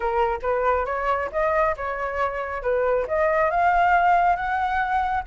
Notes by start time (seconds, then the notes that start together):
0.00 A#4
0.41 B4
0.85 C#5
1.32 D#5
1.77 C#5
2.62 B4
3.07 D#5
3.50 F5
4.36 F#5